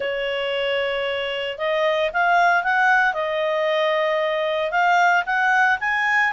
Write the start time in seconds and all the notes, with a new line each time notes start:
0.00 C#5
1.58 D#5
2.13 F5
2.63 F#5
3.13 D#5
4.71 F5
5.25 F#5
5.80 G#5